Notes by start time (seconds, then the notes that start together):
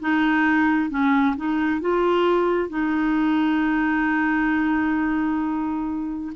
0.00 D#4
0.90 C#4
1.36 D#4
1.81 F4
2.69 D#4